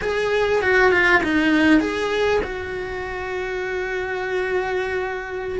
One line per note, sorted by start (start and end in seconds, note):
0.01 0.62 G#4
0.62 0.91 F#4
0.91 1.21 F4
1.23 1.80 D#4
1.80 2.40 G#4
2.43 5.60 F#4